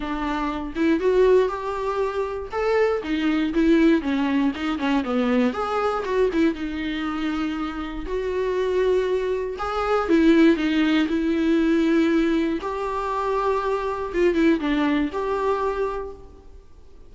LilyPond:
\new Staff \with { instrumentName = "viola" } { \time 4/4 \tempo 4 = 119 d'4. e'8 fis'4 g'4~ | g'4 a'4 dis'4 e'4 | cis'4 dis'8 cis'8 b4 gis'4 | fis'8 e'8 dis'2. |
fis'2. gis'4 | e'4 dis'4 e'2~ | e'4 g'2. | f'8 e'8 d'4 g'2 | }